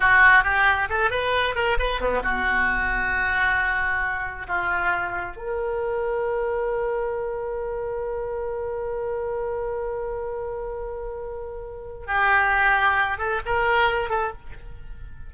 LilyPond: \new Staff \with { instrumentName = "oboe" } { \time 4/4 \tempo 4 = 134 fis'4 g'4 a'8 b'4 ais'8 | b'8 b8 fis'2.~ | fis'2 f'2 | ais'1~ |
ais'1~ | ais'1~ | ais'2. g'4~ | g'4. a'8 ais'4. a'8 | }